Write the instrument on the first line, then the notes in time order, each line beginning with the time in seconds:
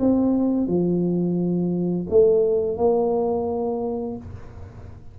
tuba
0.00 C4
0.68 F3
2.10 A3
2.77 A#3